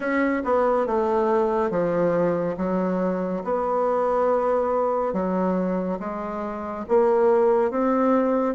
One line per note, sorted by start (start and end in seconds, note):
0.00 0.42 C#4
0.44 0.86 B3
0.86 1.70 A3
1.70 2.56 F3
2.57 3.43 F#3
3.44 5.13 B3
5.13 5.98 F#3
5.99 6.85 G#3
6.88 7.71 A#3
7.71 8.54 C4